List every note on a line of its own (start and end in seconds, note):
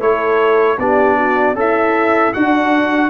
0.00 0.78 A3
0.00 0.78 E4
0.00 0.78 A4
0.00 0.79 C#5
0.78 1.54 B3
0.78 1.56 D4
0.78 1.17 G4
0.78 1.57 D5
1.17 1.56 F#4
1.54 2.32 C#4
1.54 2.36 E4
1.54 2.33 A4
1.54 2.33 E5
2.33 3.10 D4
2.33 3.10 F#4
2.33 3.10 F#5